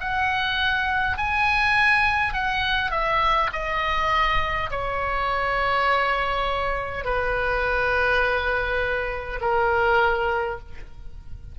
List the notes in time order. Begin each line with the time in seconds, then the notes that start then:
0.00 F#5
1.17 G#5
2.33 F#5
2.91 E5
3.52 D#5
4.70 C#5
7.04 B4
9.41 A#4